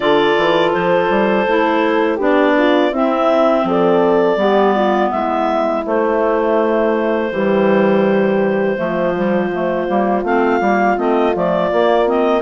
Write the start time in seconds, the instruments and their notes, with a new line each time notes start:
0.00 bassoon D3, clarinet F4 D5, horn A4
0.37 bassoon E3
0.72 bassoon F3, clarinet C5
1.10 bassoon G3
1.46 bassoon A3, clarinet E4
2.15 bassoon B3, clarinet D4, horn G4
2.22 clarinet D5
2.57 horn F4
2.91 bassoon C4, clarinet C4 E5, horn E4
3.64 bassoon F3, horn A4, clarinet D5
4.36 bassoon G3, clarinet B3, horn G4
4.75 horn F4
5.11 bassoon G#3, horn E4, clarinet E5
5.85 bassoon A3, clarinet A3 C5
7.31 bassoon E3, clarinet G3, horn G4
8.77 bassoon F3, clarinet A3, horn F4
9.14 clarinet G3
9.53 clarinet A3
9.87 bassoon G3, clarinet A#3
10.23 bassoon A3, clarinet C4 F5
10.60 bassoon G3, clarinet A#3
10.96 bassoon A3, clarinet C4 D#5
11.34 bassoon F3, clarinet A3 D5
11.71 clarinet A#3, bassoon A#3
12.05 clarinet C4 D#5